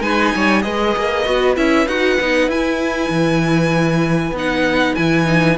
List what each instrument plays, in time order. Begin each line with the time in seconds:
0.00 cello G#3, viola D#4, violin B4 G#5
0.35 cello G3, violin C#5
0.61 cello G#3, viola G#4, violin B4 D#5
0.96 cello A#3
1.25 cello B3, viola F#4
1.56 cello C#4, viola E4, violin E5
1.86 cello D#4, viola F#4, violin F#5
2.20 cello B3, viola D#4
2.47 cello E4, viola E4, violin G#5
3.09 cello E3
4.31 cello B3, viola D#4
4.38 violin F#5
4.94 cello E3, viola E4, violin G#5
5.24 viola D#4